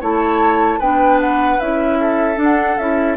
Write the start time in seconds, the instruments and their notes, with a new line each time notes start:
0.00 bassoon A3, clarinet E4, oboe C#5, flute A5
0.79 bassoon B3, clarinet D4, oboe B4, flute G5
1.21 flute F#5
1.60 bassoon C#4, clarinet E4, flute E5
2.00 oboe A4
2.35 clarinet D4, bassoon D4
2.43 flute F#5
2.77 bassoon C#4, clarinet E4, flute E5